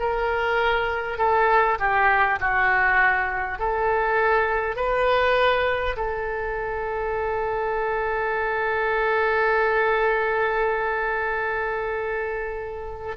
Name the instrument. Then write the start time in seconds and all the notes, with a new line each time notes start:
oboe
0.00 A#4
1.19 A4
1.79 G4
2.41 F#4
3.59 A4
4.77 B4
5.97 A4